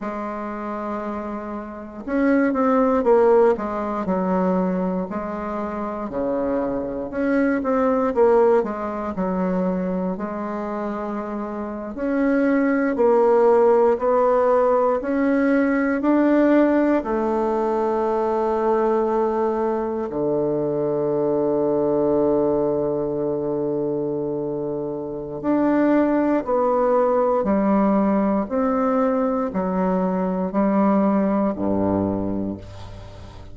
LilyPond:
\new Staff \with { instrumentName = "bassoon" } { \time 4/4 \tempo 4 = 59 gis2 cis'8 c'8 ais8 gis8 | fis4 gis4 cis4 cis'8 c'8 | ais8 gis8 fis4 gis4.~ gis16 cis'16~ | cis'8. ais4 b4 cis'4 d'16~ |
d'8. a2. d16~ | d1~ | d4 d'4 b4 g4 | c'4 fis4 g4 g,4 | }